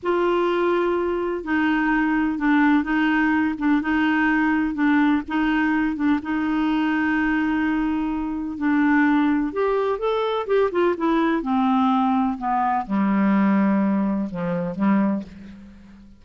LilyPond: \new Staff \with { instrumentName = "clarinet" } { \time 4/4 \tempo 4 = 126 f'2. dis'4~ | dis'4 d'4 dis'4. d'8 | dis'2 d'4 dis'4~ | dis'8 d'8 dis'2.~ |
dis'2 d'2 | g'4 a'4 g'8 f'8 e'4 | c'2 b4 g4~ | g2 f4 g4 | }